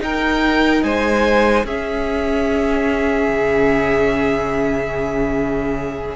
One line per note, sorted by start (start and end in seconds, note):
0.00 1.64 D#4
0.00 0.83 D#4
0.00 0.85 A#4
0.00 0.83 G5
0.83 1.64 G#3
0.83 1.66 C5
0.83 1.66 G#5
1.64 3.29 C#4
1.64 6.16 C#4
1.64 6.16 G#4
1.64 6.16 E5
3.30 6.16 C#3